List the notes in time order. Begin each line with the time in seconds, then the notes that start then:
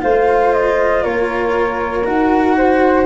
0.00 A3 F4 C5 F5
0.54 D#5
1.04 A#3 A#4 C#5
2.05 D#4 F#4 F#5
2.58 C5